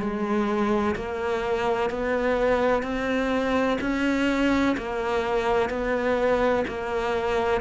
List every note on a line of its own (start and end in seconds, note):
0.00 0.95 G#3
0.96 1.90 A#3
1.90 2.83 B3
2.83 3.78 C4
3.81 4.76 C#4
4.77 5.70 A#3
5.70 6.65 B3
6.68 7.61 A#3